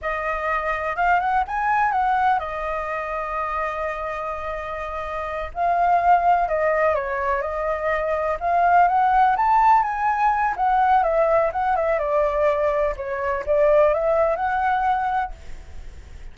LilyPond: \new Staff \with { instrumentName = "flute" } { \time 4/4 \tempo 4 = 125 dis''2 f''8 fis''8 gis''4 | fis''4 dis''2.~ | dis''2.~ dis''8 f''8~ | f''4. dis''4 cis''4 dis''8~ |
dis''4. f''4 fis''4 a''8~ | a''8 gis''4. fis''4 e''4 | fis''8 e''8 d''2 cis''4 | d''4 e''4 fis''2 | }